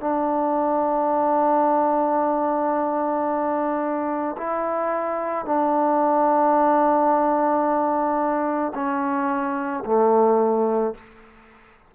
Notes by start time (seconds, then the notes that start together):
0.00 D4
4.38 E4
5.45 D4
8.75 C#4
9.86 A3